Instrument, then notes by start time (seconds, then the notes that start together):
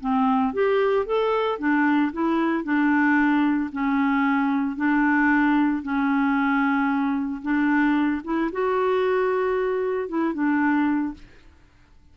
clarinet
0.00 C4
0.53 G4
1.06 A4
1.59 D4
2.12 E4
2.64 D4
3.72 C#4
4.76 D4
5.82 C#4
7.42 D4
8.24 E4
8.52 F#4
10.08 E4
10.34 D4